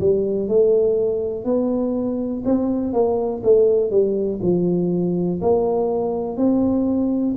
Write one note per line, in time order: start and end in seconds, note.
0.00 0.48 G3
0.48 1.44 A3
1.44 2.43 B3
2.45 2.93 C4
2.93 3.42 A#3
3.43 3.91 A3
3.91 4.40 G3
4.42 5.41 F3
5.41 6.37 A#3
6.37 7.35 C4